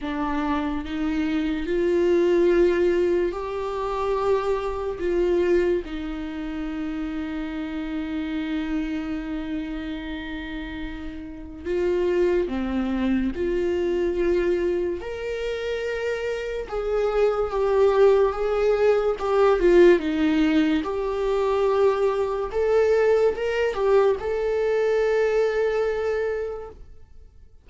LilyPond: \new Staff \with { instrumentName = "viola" } { \time 4/4 \tempo 4 = 72 d'4 dis'4 f'2 | g'2 f'4 dis'4~ | dis'1~ | dis'2 f'4 c'4 |
f'2 ais'2 | gis'4 g'4 gis'4 g'8 f'8 | dis'4 g'2 a'4 | ais'8 g'8 a'2. | }